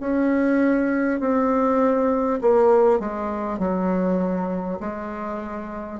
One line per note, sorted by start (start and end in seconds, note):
0.00 1.20 C#4
1.20 2.40 C4
2.41 2.99 A#3
2.99 3.59 G#3
3.59 4.79 F#3
4.80 5.99 G#3